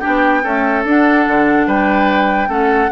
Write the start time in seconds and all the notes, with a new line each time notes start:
0.00 D4 G4 G5
0.07 B3
0.44 A3 C#4 A4
0.85 D4 F#5
1.28 D3
1.67 G3 B4 G5
2.48 A3 C#4 A4 F#5